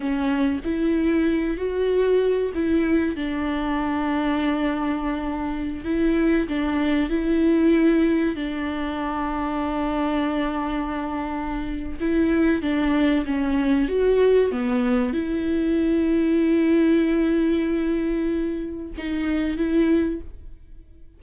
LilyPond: \new Staff \with { instrumentName = "viola" } { \time 4/4 \tempo 4 = 95 cis'4 e'4. fis'4. | e'4 d'2.~ | d'4~ d'16 e'4 d'4 e'8.~ | e'4~ e'16 d'2~ d'8.~ |
d'2. e'4 | d'4 cis'4 fis'4 b4 | e'1~ | e'2 dis'4 e'4 | }